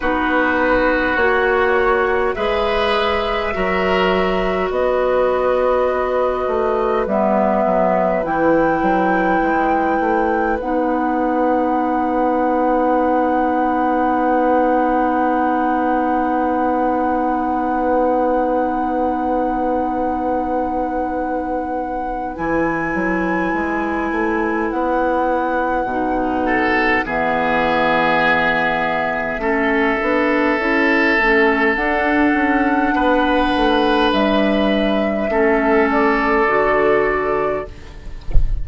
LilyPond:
<<
  \new Staff \with { instrumentName = "flute" } { \time 4/4 \tempo 4 = 51 b'4 cis''4 e''2 | dis''2 e''4 g''4~ | g''4 fis''2.~ | fis''1~ |
fis''2. gis''4~ | gis''4 fis''2 e''4~ | e''2. fis''4~ | fis''4 e''4. d''4. | }
  \new Staff \with { instrumentName = "oboe" } { \time 4/4 fis'2 b'4 ais'4 | b'1~ | b'1~ | b'1~ |
b'1~ | b'2~ b'8 a'8 gis'4~ | gis'4 a'2. | b'2 a'2 | }
  \new Staff \with { instrumentName = "clarinet" } { \time 4/4 dis'4 fis'4 gis'4 fis'4~ | fis'2 b4 e'4~ | e'4 dis'2.~ | dis'1~ |
dis'2. e'4~ | e'2 dis'4 b4~ | b4 cis'8 d'8 e'8 cis'8 d'4~ | d'2 cis'4 fis'4 | }
  \new Staff \with { instrumentName = "bassoon" } { \time 4/4 b4 ais4 gis4 fis4 | b4. a8 g8 fis8 e8 fis8 | gis8 a8 b2.~ | b1~ |
b2. e8 fis8 | gis8 a8 b4 b,4 e4~ | e4 a8 b8 cis'8 a8 d'8 cis'8 | b8 a8 g4 a4 d4 | }
>>